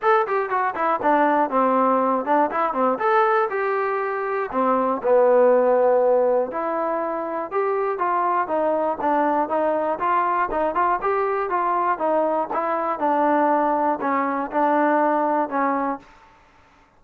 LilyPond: \new Staff \with { instrumentName = "trombone" } { \time 4/4 \tempo 4 = 120 a'8 g'8 fis'8 e'8 d'4 c'4~ | c'8 d'8 e'8 c'8 a'4 g'4~ | g'4 c'4 b2~ | b4 e'2 g'4 |
f'4 dis'4 d'4 dis'4 | f'4 dis'8 f'8 g'4 f'4 | dis'4 e'4 d'2 | cis'4 d'2 cis'4 | }